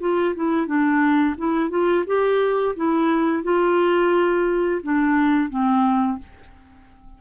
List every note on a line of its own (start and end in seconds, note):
0.00 0.34 F4
0.35 0.66 E4
0.66 1.35 D4
1.38 1.70 E4
1.70 2.04 F4
2.06 2.75 G4
2.76 3.43 E4
3.43 4.81 F4
4.83 5.50 D4
5.50 6.18 C4